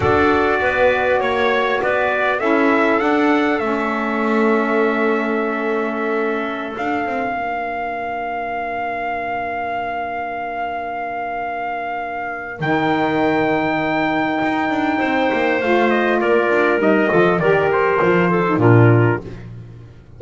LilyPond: <<
  \new Staff \with { instrumentName = "trumpet" } { \time 4/4 \tempo 4 = 100 d''2 cis''4 d''4 | e''4 fis''4 e''2~ | e''2.~ e''16 f''8.~ | f''1~ |
f''1~ | f''4 g''2.~ | g''2 f''8 dis''8 d''4 | dis''4 d''8 c''4. ais'4 | }
  \new Staff \with { instrumentName = "clarinet" } { \time 4/4 a'4 b'4 cis''4 b'4 | a'1~ | a'1~ | a'16 ais'2.~ ais'8.~ |
ais'1~ | ais'1~ | ais'4 c''2 ais'4~ | ais'8 a'8 ais'4. a'8 f'4 | }
  \new Staff \with { instrumentName = "saxophone" } { \time 4/4 fis'1 | e'4 d'4 cis'2~ | cis'2.~ cis'16 d'8.~ | d'1~ |
d'1~ | d'4 dis'2.~ | dis'2 f'2 | dis'8 f'8 g'4 f'8. dis'16 d'4 | }
  \new Staff \with { instrumentName = "double bass" } { \time 4/4 d'4 b4 ais4 b4 | cis'4 d'4 a2~ | a2.~ a16 d'8 c'16~ | c'16 ais2.~ ais8.~ |
ais1~ | ais4 dis2. | dis'8 d'8 c'8 ais8 a4 ais8 d'8 | g8 f8 dis4 f4 ais,4 | }
>>